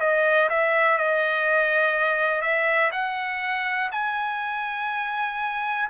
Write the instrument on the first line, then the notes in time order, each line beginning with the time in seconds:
trumpet
0.00 D#5
0.50 E5
0.98 D#5
2.41 E5
2.92 F#5
3.92 G#5